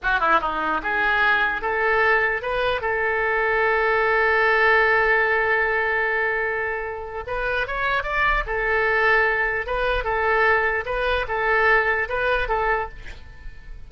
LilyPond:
\new Staff \with { instrumentName = "oboe" } { \time 4/4 \tempo 4 = 149 fis'8 e'8 dis'4 gis'2 | a'2 b'4 a'4~ | a'1~ | a'1~ |
a'2 b'4 cis''4 | d''4 a'2. | b'4 a'2 b'4 | a'2 b'4 a'4 | }